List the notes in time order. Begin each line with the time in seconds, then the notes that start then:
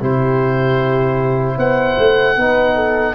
0.00 C3 E4 G4 C5
1.57 B3 C5 F#5
1.98 A3
2.37 B3 D#4 B4
2.75 A4